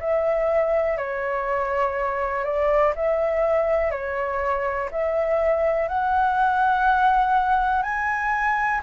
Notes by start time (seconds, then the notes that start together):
0.00 E5
0.98 C#5
2.45 D5
2.96 E5
3.91 C#5
4.91 E5
5.88 F#5
7.83 G#5